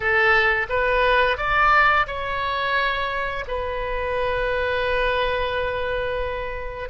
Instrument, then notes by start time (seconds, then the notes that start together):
oboe
0.00 A4
0.69 B4
1.37 D5
2.06 C#5
3.47 B4